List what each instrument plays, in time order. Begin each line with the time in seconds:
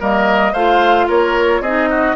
0.00 bassoon G3, clarinet A#3, oboe A#4, flute D#5
0.53 bassoon A3, clarinet F4, oboe C5, flute F5
1.08 bassoon A#3, oboe A#4, flute C#5
1.61 bassoon C4, clarinet D#4, oboe G#4, flute D#5
1.90 oboe F#4